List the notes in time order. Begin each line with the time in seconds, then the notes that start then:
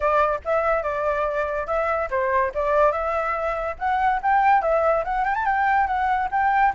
0.00 D5
0.44 E5
0.82 D5
1.66 E5
2.10 C5
2.54 D5
2.91 E5
3.78 F#5
4.22 G5
4.62 E5
5.04 F#5
5.24 G5
5.35 A5
5.45 G5
5.87 F#5
6.31 G5